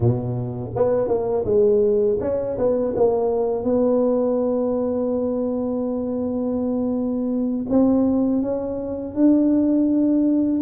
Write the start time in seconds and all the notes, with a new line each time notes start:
0.00 B2
0.75 B3
1.07 A#3
1.45 G#3
2.20 C#4
2.57 B3
2.96 A#3
3.63 B3
7.69 C4
8.41 C#4
9.15 D4